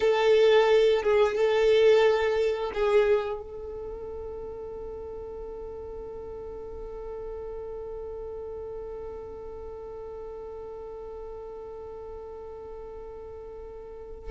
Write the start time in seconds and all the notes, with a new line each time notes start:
0.00 A4
1.02 G#4
1.35 A4
2.74 G#4
3.41 A4